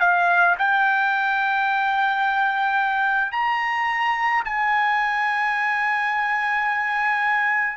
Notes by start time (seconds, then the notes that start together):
0.00 F5
0.58 G5
3.32 A#5
4.44 G#5